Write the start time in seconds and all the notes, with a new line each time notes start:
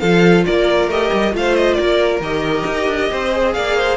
0.00 F3 F4 A4 F5
0.46 A#3 A#4 D5
0.88 A3 G4 D#5
1.13 G3
1.33 A3 F4 C5 F5
1.56 D#5
1.74 A#3 A#4 D5
2.20 D#3 G4 D#5
2.66 D#4
2.88 D4
3.10 C4 C5
3.33 G#4
3.54 A#3 D5 F5
3.77 C5